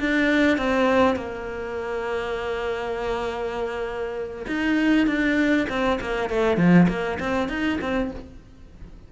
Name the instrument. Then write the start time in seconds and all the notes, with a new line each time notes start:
cello
0.00 D4
0.58 C4
1.16 A#3
4.48 D#4
5.07 D4
5.69 C4
6.01 A#3
6.30 A3
6.58 F3
6.89 A#3
7.20 C4
7.49 D#4
7.82 C4